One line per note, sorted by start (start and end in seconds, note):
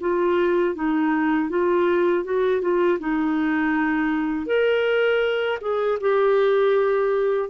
0.00 0.75 F4
0.75 1.49 D#4
1.49 2.24 F4
2.24 2.61 F#4
2.61 2.98 F4
2.99 4.46 D#4
4.46 5.58 A#4
5.60 5.98 G#4
6.00 7.49 G4